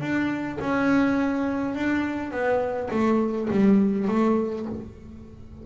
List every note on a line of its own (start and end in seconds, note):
0.00 0.58 D4
0.60 1.74 C#4
1.74 2.31 D4
2.31 2.89 B3
2.90 3.48 A3
3.50 4.08 G3
4.08 4.65 A3